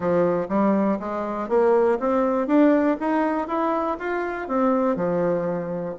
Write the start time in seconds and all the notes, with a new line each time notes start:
0.00 F3
0.48 G3
0.99 G#3
1.48 A#3
1.99 C4
2.47 D4
3.00 D#4
3.47 E4
3.99 F4
4.48 C4
4.95 F3